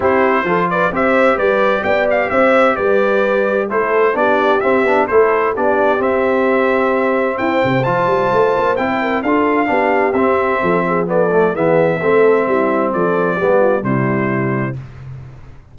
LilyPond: <<
  \new Staff \with { instrumentName = "trumpet" } { \time 4/4 \tempo 4 = 130 c''4. d''8 e''4 d''4 | g''8 f''8 e''4 d''2 | c''4 d''4 e''4 c''4 | d''4 e''2. |
g''4 a''2 g''4 | f''2 e''2 | d''4 e''2. | d''2 c''2 | }
  \new Staff \with { instrumentName = "horn" } { \time 4/4 g'4 a'8 b'8 c''4 b'4 | d''4 c''4 b'2 | a'4 g'2 a'4 | g'1 |
c''2.~ c''8 ais'8 | a'4 g'2 a'8 gis'8 | a'4 gis'4 a'4 e'4 | a'4 g'8 f'8 e'2 | }
  \new Staff \with { instrumentName = "trombone" } { \time 4/4 e'4 f'4 g'2~ | g'1 | e'4 d'4 c'8 d'8 e'4 | d'4 c'2.~ |
c'4 f'2 e'4 | f'4 d'4 c'2 | b8 a8 b4 c'2~ | c'4 b4 g2 | }
  \new Staff \with { instrumentName = "tuba" } { \time 4/4 c'4 f4 c'4 g4 | b4 c'4 g2 | a4 b4 c'8 b8 a4 | b4 c'2. |
e'8 c8 f8 g8 a8 ais8 c'4 | d'4 b4 c'4 f4~ | f4 e4 a4 g4 | f4 g4 c2 | }
>>